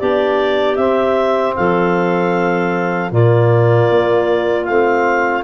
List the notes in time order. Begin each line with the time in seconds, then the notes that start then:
0.00 B3 D4 G4 D5
0.76 C4 E5
1.56 F3 A4 F5
3.11 A#2 A#3 F4 D5
3.90 A#3
4.65 A3 C4 F5